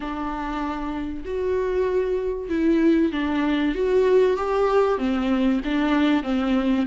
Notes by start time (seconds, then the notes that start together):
0.00 D4
1.24 F#4
2.49 E4
3.12 D4
3.74 F#4
4.37 G4
4.98 C4
5.64 D4
6.23 C4